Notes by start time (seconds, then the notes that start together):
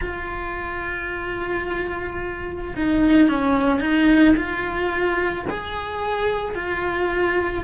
0.01 F4
2.76 D#4
3.28 C#4
3.80 D#4
4.36 F4
5.49 G#4
6.55 F4